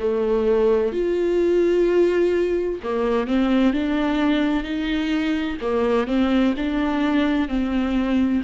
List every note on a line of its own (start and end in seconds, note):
0.00 0.93 A3
0.93 2.80 F4
2.83 3.28 A#3
3.28 3.74 C4
3.74 4.64 D4
4.64 5.58 D#4
5.62 6.08 A#3
6.08 6.55 C4
6.57 7.49 D4
7.49 8.42 C4